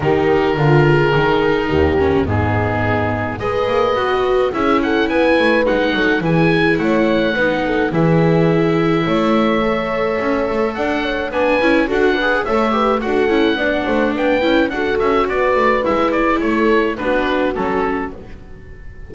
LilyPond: <<
  \new Staff \with { instrumentName = "oboe" } { \time 4/4 \tempo 4 = 106 ais'1 | gis'2 dis''2 | e''8 fis''8 gis''4 fis''4 gis''4 | fis''2 e''2~ |
e''2. fis''4 | gis''4 fis''4 e''4 fis''4~ | fis''4 g''4 fis''8 e''8 d''4 | e''8 d''8 cis''4 b'4 a'4 | }
  \new Staff \with { instrumentName = "horn" } { \time 4/4 g'4 f'8 gis'4. g'4 | dis'2 b'2 | gis'8 a'8 b'4. a'8 gis'4 | cis''4 b'8 a'8 gis'2 |
cis''2. d''8 cis''8 | b'4 a'8 b'8 cis''8 b'8 a'4 | d''8 c''8 b'4 a'4 b'4~ | b'4 a'4 fis'2 | }
  \new Staff \with { instrumentName = "viola" } { \time 4/4 dis'4 f'4 dis'4. cis'8 | b2 gis'4 fis'4 | e'2 dis'4 e'4~ | e'4 dis'4 e'2~ |
e'4 a'2. | d'8 e'8 fis'8 gis'8 a'8 g'8 fis'8 e'8 | d'4. e'8 fis'2 | e'2 d'4 cis'4 | }
  \new Staff \with { instrumentName = "double bass" } { \time 4/4 dis4 d4 dis4 dis,4 | gis,2 gis8 ais8 b4 | cis'4 b8 a8 gis8 fis8 e4 | a4 b4 e2 |
a2 cis'8 a8 d'4 | b8 cis'8 d'4 a4 d'8 cis'8 | b8 a8 b8 cis'8 d'8 cis'8 b8 a8 | gis4 a4 b4 fis4 | }
>>